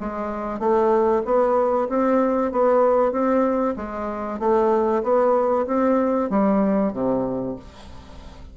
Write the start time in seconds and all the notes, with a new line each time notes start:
0.00 G#3
0.59 A3
1.25 B3
1.89 C4
2.52 B3
3.12 C4
3.76 G#3
4.40 A3
5.03 B3
5.67 C4
6.30 G3
6.92 C3